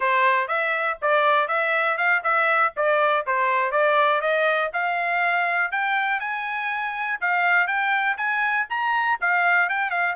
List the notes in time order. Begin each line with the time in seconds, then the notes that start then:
0.00 C5
0.48 E5
1.01 D5
1.47 E5
1.97 F5
2.23 E5
2.76 D5
3.26 C5
3.71 D5
4.21 D#5
4.73 F5
5.71 G5
6.20 G#5
7.20 F5
7.67 G5
8.17 G#5
8.69 A#5
9.21 F5
9.69 G5
9.90 F5